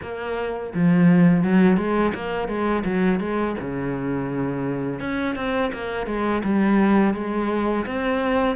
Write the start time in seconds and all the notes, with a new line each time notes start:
0.02 A#3
0.74 F3
1.43 F#3
1.77 G#3
2.14 A#3
2.48 G#3
2.84 F#3
3.20 G#3
3.60 C#3
4.99 C#4
5.35 C4
5.73 A#3
6.06 G#3
6.44 G3
7.14 G#3
7.86 C4